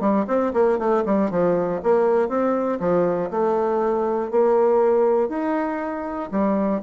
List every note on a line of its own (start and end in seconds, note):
0.00 0.25 G3
0.27 0.52 C4
0.53 0.78 A#3
0.78 1.04 A3
1.05 1.30 G3
1.30 1.81 F3
1.83 2.28 A#3
2.28 2.79 C4
2.79 3.30 F3
3.30 4.31 A3
4.31 5.29 A#3
5.29 6.30 D#4
6.31 6.81 G3